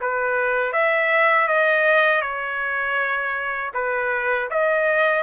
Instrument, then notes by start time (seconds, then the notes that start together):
trumpet
0.00 B4
0.72 E5
1.47 D#5
2.21 C#5
3.73 B4
4.50 D#5